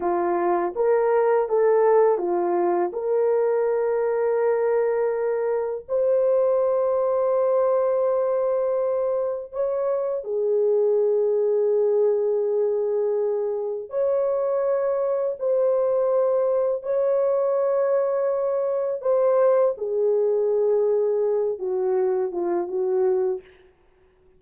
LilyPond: \new Staff \with { instrumentName = "horn" } { \time 4/4 \tempo 4 = 82 f'4 ais'4 a'4 f'4 | ais'1 | c''1~ | c''4 cis''4 gis'2~ |
gis'2. cis''4~ | cis''4 c''2 cis''4~ | cis''2 c''4 gis'4~ | gis'4. fis'4 f'8 fis'4 | }